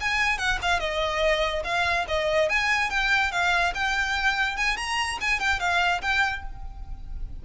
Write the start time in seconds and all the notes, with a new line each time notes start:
0.00 G#5
0.38 F#5
0.62 F5
0.80 D#5
1.64 F5
2.08 D#5
2.49 G#5
2.90 G5
3.31 F5
3.74 G5
4.57 G#5
4.77 A#5
5.21 G#5
5.39 G5
5.59 F5
6.01 G5